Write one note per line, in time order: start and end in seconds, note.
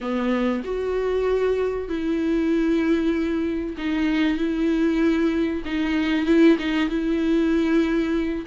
0.00 0.63 B3
0.64 1.88 F#4
1.88 3.76 E4
3.77 4.37 D#4
4.37 5.62 E4
5.65 6.26 D#4
6.26 6.57 E4
6.59 6.89 D#4
6.89 8.45 E4